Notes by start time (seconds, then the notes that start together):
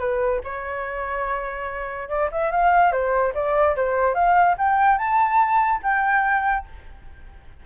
0.00 B4
0.44 C#5
2.10 D5
2.32 E5
2.52 F5
2.92 C5
3.35 D5
3.76 C5
4.15 F5
4.58 G5
4.98 A5
5.83 G5